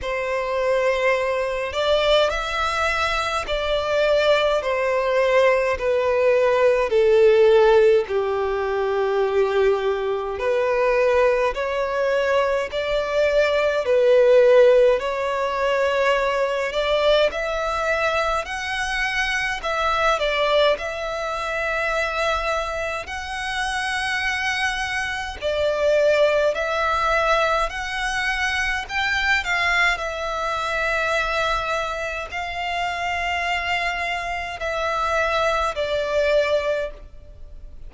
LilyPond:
\new Staff \with { instrumentName = "violin" } { \time 4/4 \tempo 4 = 52 c''4. d''8 e''4 d''4 | c''4 b'4 a'4 g'4~ | g'4 b'4 cis''4 d''4 | b'4 cis''4. d''8 e''4 |
fis''4 e''8 d''8 e''2 | fis''2 d''4 e''4 | fis''4 g''8 f''8 e''2 | f''2 e''4 d''4 | }